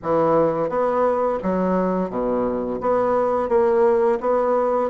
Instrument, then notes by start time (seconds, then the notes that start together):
bassoon
0.03 E3
0.69 B3
1.43 F#3
2.10 B2
2.80 B3
3.49 A#3
4.20 B3